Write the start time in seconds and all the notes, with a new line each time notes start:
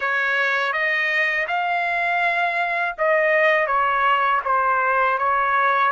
0.00 C#5
0.72 D#5
1.47 F5
2.98 D#5
3.66 C#5
4.44 C5
5.18 C#5